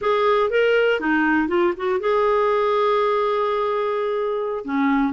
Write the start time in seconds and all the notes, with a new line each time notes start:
0.01 G#4
0.50 A#4
0.99 D#4
1.48 F4
1.76 F#4
2.00 G#4
4.64 C#4